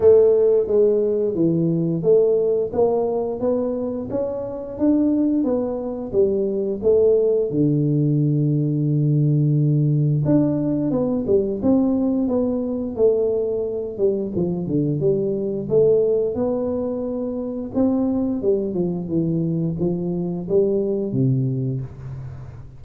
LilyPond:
\new Staff \with { instrumentName = "tuba" } { \time 4/4 \tempo 4 = 88 a4 gis4 e4 a4 | ais4 b4 cis'4 d'4 | b4 g4 a4 d4~ | d2. d'4 |
b8 g8 c'4 b4 a4~ | a8 g8 f8 d8 g4 a4 | b2 c'4 g8 f8 | e4 f4 g4 c4 | }